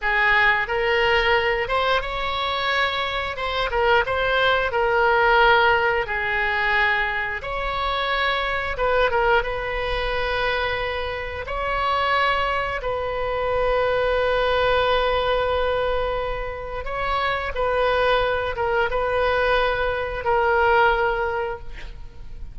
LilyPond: \new Staff \with { instrumentName = "oboe" } { \time 4/4 \tempo 4 = 89 gis'4 ais'4. c''8 cis''4~ | cis''4 c''8 ais'8 c''4 ais'4~ | ais'4 gis'2 cis''4~ | cis''4 b'8 ais'8 b'2~ |
b'4 cis''2 b'4~ | b'1~ | b'4 cis''4 b'4. ais'8 | b'2 ais'2 | }